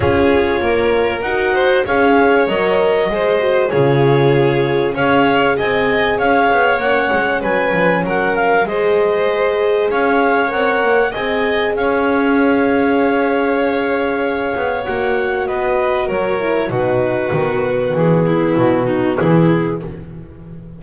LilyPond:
<<
  \new Staff \with { instrumentName = "clarinet" } { \time 4/4 \tempo 4 = 97 cis''2 fis''4 f''4 | dis''2 cis''2 | f''4 gis''4 f''4 fis''4 | gis''4 fis''8 f''8 dis''2 |
f''4 fis''4 gis''4 f''4~ | f''1 | fis''4 dis''4 cis''4 b'4~ | b'4 gis'4 fis'4 gis'4 | }
  \new Staff \with { instrumentName = "violin" } { \time 4/4 gis'4 ais'4. c''8 cis''4~ | cis''4 c''4 gis'2 | cis''4 dis''4 cis''2 | b'4 ais'4 c''2 |
cis''2 dis''4 cis''4~ | cis''1~ | cis''4 b'4 ais'4 fis'4~ | fis'4. e'4 dis'8 e'4 | }
  \new Staff \with { instrumentName = "horn" } { \time 4/4 f'2 fis'4 gis'4 | ais'4 gis'8 fis'8 f'2 | gis'2. cis'4~ | cis'2 gis'2~ |
gis'4 ais'4 gis'2~ | gis'1 | fis'2~ fis'8 e'8 dis'4 | b1 | }
  \new Staff \with { instrumentName = "double bass" } { \time 4/4 cis'4 ais4 dis'4 cis'4 | fis4 gis4 cis2 | cis'4 c'4 cis'8 b8 ais8 gis8 | fis8 f8 fis4 gis2 |
cis'4 c'8 ais8 c'4 cis'4~ | cis'2.~ cis'8 b8 | ais4 b4 fis4 b,4 | dis4 e4 b,4 e4 | }
>>